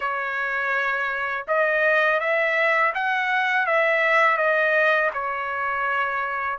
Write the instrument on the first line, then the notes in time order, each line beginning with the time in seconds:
trumpet
0.00 C#5
1.47 D#5
2.20 E5
2.94 F#5
3.66 E5
4.37 D#5
5.13 C#5